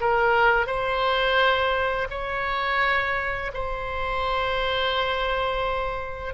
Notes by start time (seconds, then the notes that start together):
0.00 A#4
0.66 C5
2.10 C#5
3.54 C5